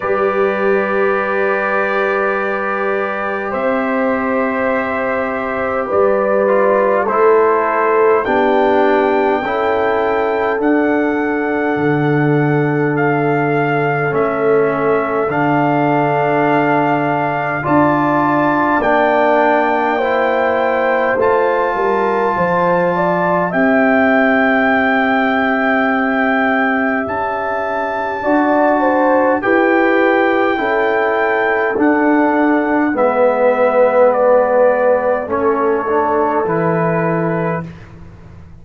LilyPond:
<<
  \new Staff \with { instrumentName = "trumpet" } { \time 4/4 \tempo 4 = 51 d''2. e''4~ | e''4 d''4 c''4 g''4~ | g''4 fis''2 f''4 | e''4 f''2 a''4 |
g''2 a''2 | g''2. a''4~ | a''4 g''2 fis''4 | e''4 d''4 cis''4 b'4 | }
  \new Staff \with { instrumentName = "horn" } { \time 4/4 b'2. c''4~ | c''4 b'4 a'4 g'4 | a'1~ | a'2. d''4~ |
d''4 c''4. ais'8 c''8 d''8 | e''1 | d''8 c''8 b'4 a'2 | b'2 a'2 | }
  \new Staff \with { instrumentName = "trombone" } { \time 4/4 g'1~ | g'4. f'8 e'4 d'4 | e'4 d'2. | cis'4 d'2 f'4 |
d'4 e'4 f'2 | g'1 | fis'4 g'4 e'4 d'4 | b2 cis'8 d'8 e'4 | }
  \new Staff \with { instrumentName = "tuba" } { \time 4/4 g2. c'4~ | c'4 g4 a4 b4 | cis'4 d'4 d2 | a4 d2 d'4 |
ais2 a8 g8 f4 | c'2. cis'4 | d'4 e'4 cis'4 d'4 | gis2 a4 e4 | }
>>